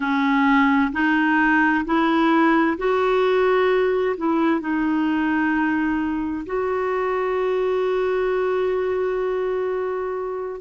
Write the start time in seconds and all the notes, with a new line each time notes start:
0.00 C#4
0.92 D#4
1.85 E4
2.77 F#4
4.17 E4
4.60 D#4
6.46 F#4